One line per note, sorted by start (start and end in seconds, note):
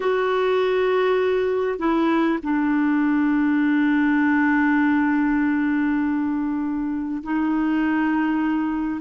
0.00 1.78 F#4
1.78 2.38 E4
2.42 7.22 D4
7.23 9.00 D#4